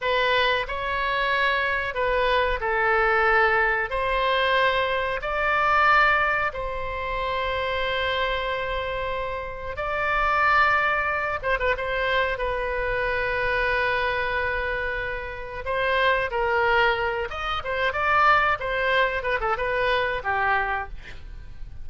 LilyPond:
\new Staff \with { instrumentName = "oboe" } { \time 4/4 \tempo 4 = 92 b'4 cis''2 b'4 | a'2 c''2 | d''2 c''2~ | c''2. d''4~ |
d''4. c''16 b'16 c''4 b'4~ | b'1 | c''4 ais'4. dis''8 c''8 d''8~ | d''8 c''4 b'16 a'16 b'4 g'4 | }